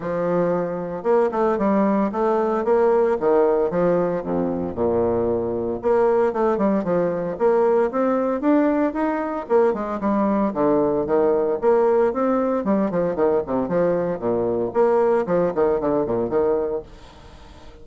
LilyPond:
\new Staff \with { instrumentName = "bassoon" } { \time 4/4 \tempo 4 = 114 f2 ais8 a8 g4 | a4 ais4 dis4 f4 | f,4 ais,2 ais4 | a8 g8 f4 ais4 c'4 |
d'4 dis'4 ais8 gis8 g4 | d4 dis4 ais4 c'4 | g8 f8 dis8 c8 f4 ais,4 | ais4 f8 dis8 d8 ais,8 dis4 | }